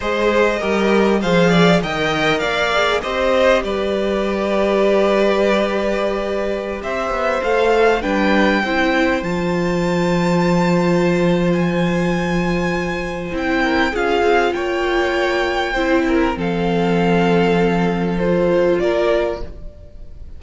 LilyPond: <<
  \new Staff \with { instrumentName = "violin" } { \time 4/4 \tempo 4 = 99 dis''2 f''4 g''4 | f''4 dis''4 d''2~ | d''2.~ d''16 e''8.~ | e''16 f''4 g''2 a''8.~ |
a''2. gis''4~ | gis''2 g''4 f''4 | g''2. f''4~ | f''2 c''4 d''4 | }
  \new Staff \with { instrumentName = "violin" } { \time 4/4 c''4 ais'4 c''8 d''8 dis''4 | d''4 c''4 b'2~ | b'2.~ b'16 c''8.~ | c''4~ c''16 b'4 c''4.~ c''16~ |
c''1~ | c''2~ c''8 ais'8 gis'4 | cis''2 c''8 ais'8 a'4~ | a'2. ais'4 | }
  \new Staff \with { instrumentName = "viola" } { \time 4/4 gis'4 g'4 gis'4 ais'4~ | ais'8 gis'8 g'2.~ | g'1~ | g'16 a'4 d'4 e'4 f'8.~ |
f'1~ | f'2 e'4 f'4~ | f'2 e'4 c'4~ | c'2 f'2 | }
  \new Staff \with { instrumentName = "cello" } { \time 4/4 gis4 g4 f4 dis4 | ais4 c'4 g2~ | g2.~ g16 c'8 b16~ | b16 a4 g4 c'4 f8.~ |
f1~ | f2 c'4 cis'8 c'8 | ais2 c'4 f4~ | f2. ais4 | }
>>